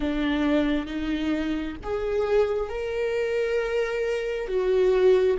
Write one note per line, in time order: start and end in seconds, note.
0.00 0.86 D4
0.86 1.75 D#4
1.83 2.69 G#4
2.69 4.47 A#4
4.47 5.37 F#4